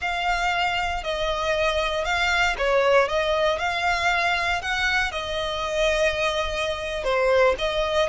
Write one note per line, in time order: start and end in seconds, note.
0.01 1.03 F5
1.03 2.04 D#5
2.04 2.56 F5
2.58 3.08 C#5
3.08 3.59 D#5
3.59 4.61 F5
4.61 5.11 F#5
5.11 7.03 D#5
7.04 7.55 C5
7.58 8.09 D#5